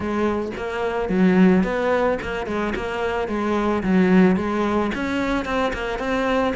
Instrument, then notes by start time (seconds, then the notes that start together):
cello
0.00 G#3
0.57 A#3
1.09 F#3
1.63 B3
2.21 A#3
2.46 G#3
2.75 A#3
3.28 G#3
3.83 F#3
4.36 G#3
4.95 C#4
5.45 C4
5.73 A#3
5.99 C4